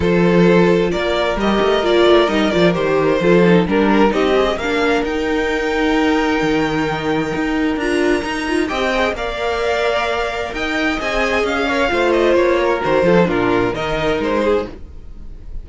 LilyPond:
<<
  \new Staff \with { instrumentName = "violin" } { \time 4/4 \tempo 4 = 131 c''2 d''4 dis''4 | d''4 dis''8 d''8 c''2 | ais'4 dis''4 f''4 g''4~ | g''1~ |
g''4 ais''2 g''4 | f''2. g''4 | gis''4 f''4. dis''8 cis''4 | c''4 ais'4 dis''4 c''4 | }
  \new Staff \with { instrumentName = "violin" } { \time 4/4 a'2 ais'2~ | ais'2. a'4 | ais'4 g'4 ais'2~ | ais'1~ |
ais'2. dis''4 | d''2. dis''4~ | dis''4. cis''8 c''4. ais'8~ | ais'8 a'8 f'4 ais'4. gis'8 | }
  \new Staff \with { instrumentName = "viola" } { \time 4/4 f'2. g'4 | f'4 dis'8 f'8 g'4 f'8 dis'8 | d'4 dis'8 gis'8 d'4 dis'4~ | dis'1~ |
dis'4 f'4 dis'8 f'8 g'8 gis'8 | ais'1 | gis'4. ais'8 f'2 | fis'8 f'16 dis'16 d'4 dis'2 | }
  \new Staff \with { instrumentName = "cello" } { \time 4/4 f2 ais4 g8 a8 | ais8 a8 g8 f8 dis4 f4 | g4 c'4 ais4 dis'4~ | dis'2 dis2 |
dis'4 d'4 dis'4 c'4 | ais2. dis'4 | c'4 cis'4 a4 ais4 | dis8 f8 ais,4 dis4 gis4 | }
>>